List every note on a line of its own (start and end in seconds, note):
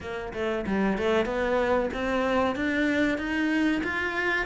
0.00 0.32 A#3
0.33 0.65 A3
0.66 0.97 G3
0.97 1.25 A3
1.25 1.89 B3
1.93 2.55 C4
2.55 3.17 D4
3.17 3.82 D#4
3.83 4.46 F4